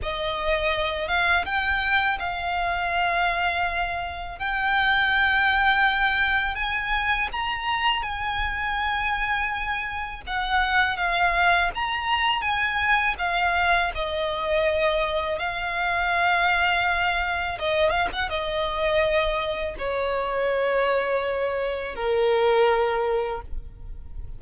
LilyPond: \new Staff \with { instrumentName = "violin" } { \time 4/4 \tempo 4 = 82 dis''4. f''8 g''4 f''4~ | f''2 g''2~ | g''4 gis''4 ais''4 gis''4~ | gis''2 fis''4 f''4 |
ais''4 gis''4 f''4 dis''4~ | dis''4 f''2. | dis''8 f''16 fis''16 dis''2 cis''4~ | cis''2 ais'2 | }